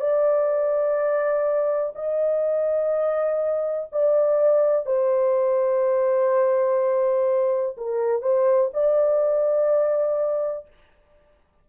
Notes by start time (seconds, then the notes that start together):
0.00 D5
1.95 D#5
3.92 D5
4.86 C5
7.77 A#4
8.22 C5
8.74 D5